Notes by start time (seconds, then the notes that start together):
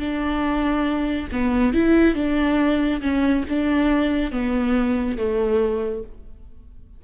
0.00 D4
1.32 B3
1.74 E4
2.15 D4
3.02 C#4
3.49 D4
4.32 B3
5.18 A3